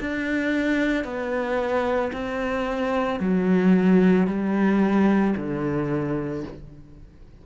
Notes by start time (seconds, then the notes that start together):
0.00 D4
1.04 B3
2.13 C4
3.20 F#3
4.27 G3
5.37 D3